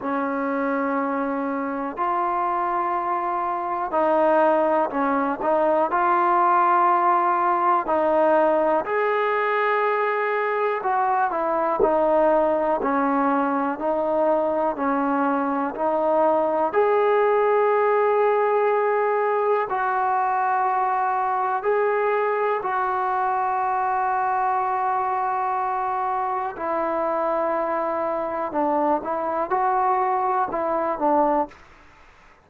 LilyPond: \new Staff \with { instrumentName = "trombone" } { \time 4/4 \tempo 4 = 61 cis'2 f'2 | dis'4 cis'8 dis'8 f'2 | dis'4 gis'2 fis'8 e'8 | dis'4 cis'4 dis'4 cis'4 |
dis'4 gis'2. | fis'2 gis'4 fis'4~ | fis'2. e'4~ | e'4 d'8 e'8 fis'4 e'8 d'8 | }